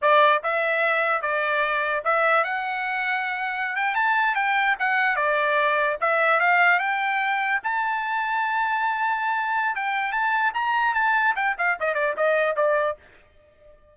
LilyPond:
\new Staff \with { instrumentName = "trumpet" } { \time 4/4 \tempo 4 = 148 d''4 e''2 d''4~ | d''4 e''4 fis''2~ | fis''4~ fis''16 g''8 a''4 g''4 fis''16~ | fis''8. d''2 e''4 f''16~ |
f''8. g''2 a''4~ a''16~ | a''1 | g''4 a''4 ais''4 a''4 | g''8 f''8 dis''8 d''8 dis''4 d''4 | }